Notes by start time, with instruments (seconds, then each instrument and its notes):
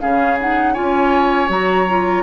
0.00 bassoon C#3, clarinet C#4, oboe G#4, flute F5
0.39 clarinet D#4, flute F#5
0.73 bassoon C#4, clarinet F4, oboe C#5, flute G#5
1.48 bassoon F#3, clarinet F#4, flute A#5
1.89 clarinet F4